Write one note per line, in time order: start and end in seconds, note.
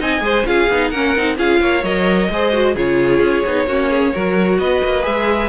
0.00 0.21 C4
0.00 0.21 D#4
0.00 0.24 D#5
0.00 0.47 G#5
0.21 0.44 G#3
0.21 0.44 G#4
0.21 0.47 C5
0.46 0.69 C#4
0.46 0.69 F4
0.46 0.91 G#4
0.46 0.90 F5
0.69 0.92 B3
0.69 0.95 D#4
0.90 1.15 A#3
0.90 1.17 C#4
0.90 1.36 A#4
0.90 1.36 F#5
1.17 1.39 C4
1.17 1.37 D#4
1.37 1.61 C#4
1.37 1.83 F4
1.37 1.61 G#4
1.37 1.84 F5
1.61 1.83 A#3
1.61 2.30 C#5
1.83 2.29 F#3
1.83 2.31 A#4
1.83 2.76 D#5
2.30 2.75 G#3
2.30 2.53 G#4
2.30 2.75 C5
2.53 2.76 F#4
2.75 3.21 C#3
2.75 3.46 F4
2.75 3.66 G#4
2.75 4.59 C#5
3.21 3.44 C#4
3.46 3.67 B3
3.46 3.68 D#4
3.67 4.13 A#3
3.67 4.14 C#4
3.67 3.90 F#4
3.90 4.13 G#4
4.13 4.59 F#3
4.13 5.02 F#4
4.13 4.59 A#4
4.59 4.82 B3
4.59 5.50 B4
4.59 5.05 D#5
4.84 5.07 A#3
5.02 5.50 G#3
5.02 5.48 G#4
5.02 5.50 E5